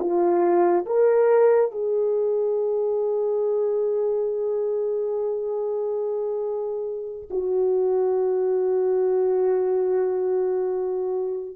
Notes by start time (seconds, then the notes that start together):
0.00 F4
0.86 A#4
1.71 G#4
7.30 F#4